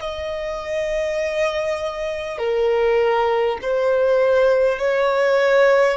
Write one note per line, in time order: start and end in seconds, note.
0.00 2.38 D#5
2.38 3.58 A#4
3.62 4.78 C5
4.78 5.97 C#5